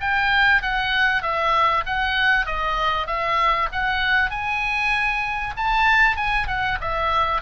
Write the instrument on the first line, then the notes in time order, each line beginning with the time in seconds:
oboe
0.00 G5
0.62 F#5
1.22 E5
1.86 F#5
2.46 D#5
3.06 E5
3.72 F#5
4.30 G#5
5.56 A5
6.16 G#5
6.47 F#5
6.80 E5